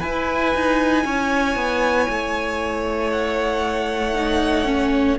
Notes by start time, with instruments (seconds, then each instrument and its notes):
0.00 viola E4, cello E4, violin B4 G#5
0.55 cello D#4
1.05 cello C#4, violin C#5
1.55 cello B3
2.09 cello A3
3.11 violin F#5
4.15 viola D#4
4.65 viola C#4